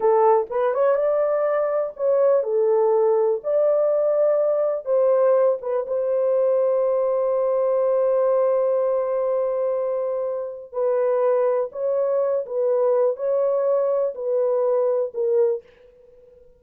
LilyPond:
\new Staff \with { instrumentName = "horn" } { \time 4/4 \tempo 4 = 123 a'4 b'8 cis''8 d''2 | cis''4 a'2 d''4~ | d''2 c''4. b'8 | c''1~ |
c''1~ | c''2 b'2 | cis''4. b'4. cis''4~ | cis''4 b'2 ais'4 | }